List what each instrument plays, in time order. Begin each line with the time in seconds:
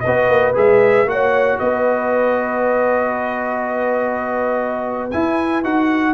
0.00 tuba B3, horn B4, trumpet D#5
0.07 trombone F#4
0.29 tuba A#3
0.54 tuba G#3, trombone G#4, trumpet E5
1.05 tuba A#3, trombone F#4, trumpet F#5
1.12 horn C#5
1.59 tuba B3, horn B4, trumpet D#5
5.11 trombone E4, tuba E4, trumpet G#5
5.63 tuba D#4, trombone F#4, trumpet F#5